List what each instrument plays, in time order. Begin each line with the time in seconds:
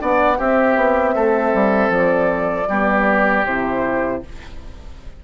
0.00 bassoon B3, horn D4, oboe D5, flute F#5
0.37 horn C4, bassoon C4, oboe G4, flute E5
0.77 bassoon B3
1.15 bassoon A3, oboe A4
1.54 bassoon G3
1.90 bassoon F3, flute D5
2.69 bassoon G3, horn B3, oboe G4
3.46 bassoon C3, horn E4, flute C5